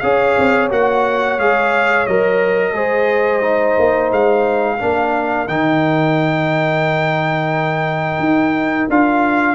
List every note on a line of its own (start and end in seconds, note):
0.00 0.37 C#4
0.00 0.70 G#4
0.00 2.75 C#5
0.00 0.68 F5
0.38 0.71 C4
0.70 1.38 A#3
0.70 1.38 F#4
0.70 1.40 F#5
1.38 2.07 G#3
1.38 2.07 G#4
1.38 2.07 F5
2.07 2.73 F#3
2.07 2.75 A#4
2.07 4.11 D#5
2.73 3.75 G#3
2.73 3.41 G#4
2.73 4.77 C5
3.41 4.78 D#4
3.79 4.12 A#3
4.12 4.80 G#3
4.12 5.48 F5
4.77 5.48 A#3
4.77 5.47 D4
4.77 9.54 A#4
5.48 8.19 D#3
5.48 8.90 D#4
5.48 8.89 G5
8.19 8.87 D#4
8.89 9.56 D4
8.89 9.56 F4
8.89 9.56 F5